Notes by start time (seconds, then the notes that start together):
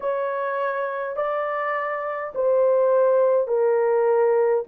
0.00 C#5
1.16 D5
2.34 C5
3.47 A#4